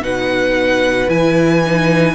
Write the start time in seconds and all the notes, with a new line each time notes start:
0.00 B2 D#4 B4 F#5
1.08 E3 E4 G#5
1.66 D#4